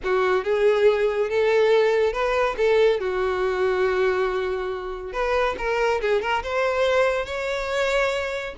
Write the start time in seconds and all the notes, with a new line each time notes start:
0.03 F#4
0.44 G#4
1.29 A4
2.12 B4
2.57 A4
2.99 F#4
5.12 B4
5.57 A#4
6.01 G#4
6.21 A#4
6.43 C5
7.25 C#5